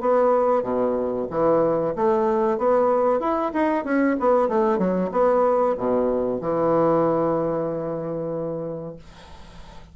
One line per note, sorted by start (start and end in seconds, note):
0.00 0.63 B3
0.63 1.26 B2
1.30 1.94 E3
1.95 2.58 A3
2.58 3.20 B3
3.20 3.52 E4
3.53 3.84 D#4
3.84 4.16 C#4
4.19 4.48 B3
4.48 4.78 A3
4.78 5.10 F#3
5.12 5.75 B3
5.77 6.41 B2
6.41 8.96 E3